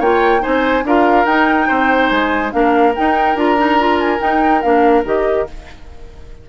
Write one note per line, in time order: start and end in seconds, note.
0.00 0.42 A#3
0.00 0.40 F4
0.00 0.42 C#5
0.00 0.44 G5
0.40 0.82 D#4
0.40 0.84 C5
0.40 0.86 G#5
0.47 0.84 C4
0.84 1.26 D4
0.84 1.27 F4
0.84 1.68 A#4
0.84 1.26 F5
1.26 1.68 D#4
1.26 2.51 D#4
1.26 2.09 G5
1.68 2.11 C4
1.68 2.52 C5
2.09 2.53 G#3
2.09 2.51 G#5
2.51 2.96 A#3
2.51 2.93 D4
2.51 5.49 A#4
2.51 2.94 F5
2.96 3.37 D#4
2.96 3.36 D#4
2.96 3.38 G5
3.36 4.20 D4
3.36 3.58 F4
3.36 4.00 A#5
3.58 3.79 D#4
3.79 4.19 F4
4.00 4.21 G#5
4.19 4.61 D#4
4.19 4.64 D#4
4.19 4.62 G5
4.62 5.05 A#3
4.62 5.05 D4
4.62 5.04 F5
5.05 5.47 D#3
5.05 5.47 G4
5.05 5.48 D#5